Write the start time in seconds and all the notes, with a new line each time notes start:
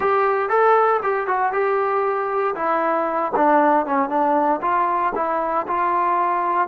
0.00 G4
0.49 A4
1.02 G4
1.27 F#4
1.52 G4
2.55 E4
3.35 D4
3.86 C#4
4.09 D4
4.61 F4
5.15 E4
5.67 F4